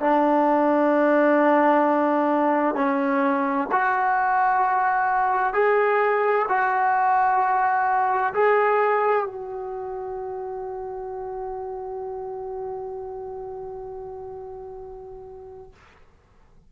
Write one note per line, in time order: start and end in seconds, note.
0.00 2.75 D4
2.75 3.68 C#4
3.72 5.53 F#4
5.53 6.46 G#4
6.49 8.33 F#4
8.34 9.26 G#4
9.26 15.72 F#4